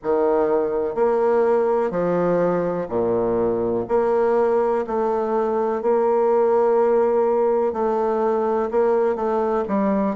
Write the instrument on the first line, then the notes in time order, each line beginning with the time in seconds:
bassoon
0.03 D#3
0.94 A#3
1.90 F3
2.89 A#2
3.88 A#3
4.86 A3
5.82 A#3
7.72 A3
8.71 A#3
9.15 A3
9.68 G3